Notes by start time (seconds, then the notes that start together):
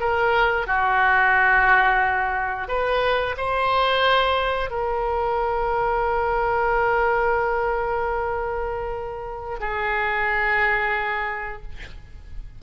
0.00 A#4
0.66 F#4
2.68 B4
3.37 C5
4.70 A#4
9.60 G#4